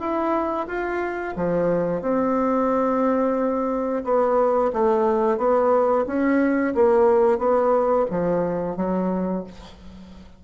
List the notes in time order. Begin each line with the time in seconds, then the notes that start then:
0.00 E4
0.67 F4
1.36 F3
2.02 C4
4.04 B3
4.73 A3
5.38 B3
6.07 C#4
6.75 A#3
7.39 B3
8.11 F3
8.77 F#3